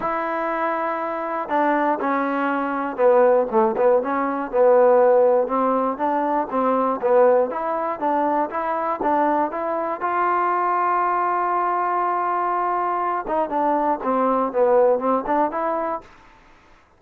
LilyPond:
\new Staff \with { instrumentName = "trombone" } { \time 4/4 \tempo 4 = 120 e'2. d'4 | cis'2 b4 a8 b8 | cis'4 b2 c'4 | d'4 c'4 b4 e'4 |
d'4 e'4 d'4 e'4 | f'1~ | f'2~ f'8 dis'8 d'4 | c'4 b4 c'8 d'8 e'4 | }